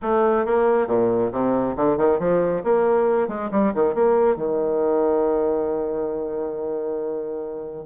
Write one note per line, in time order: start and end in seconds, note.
0.01 0.45 A3
0.45 0.87 A#3
0.87 1.30 A#2
1.32 1.76 C3
1.76 1.97 D3
1.97 2.19 D#3
2.19 2.63 F3
2.63 3.28 A#3
3.28 3.50 G#3
3.51 3.73 G3
3.74 3.94 D#3
3.94 4.36 A#3
4.36 7.85 D#3